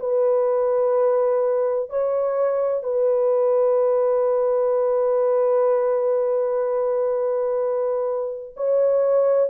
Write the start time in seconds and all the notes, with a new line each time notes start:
0.00 B4
1.90 C#5
2.84 B4
8.57 C#5